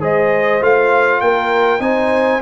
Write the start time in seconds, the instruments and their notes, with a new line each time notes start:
0.00 tuba G#3, trombone G#4, horn C5, trumpet D#5
0.61 tuba A3, trombone F4, trumpet F5
1.21 tuba A#3, horn A#4, trumpet G5
1.80 tuba C4, trombone D#4, horn C5, trumpet G#5